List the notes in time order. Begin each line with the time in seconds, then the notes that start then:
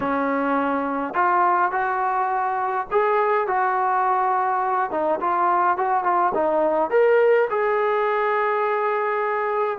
0.00 C#4
1.14 F4
1.72 F#4
2.91 G#4
3.47 F#4
4.90 D#4
5.20 F4
5.77 F#4
6.03 F4
6.34 D#4
6.90 A#4
7.50 G#4